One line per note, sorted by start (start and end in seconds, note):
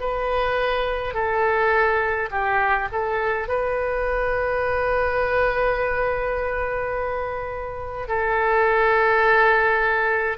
0.00 1.14 B4
1.14 2.29 A4
2.31 2.88 G4
2.92 3.48 A4
3.48 8.08 B4
8.08 10.37 A4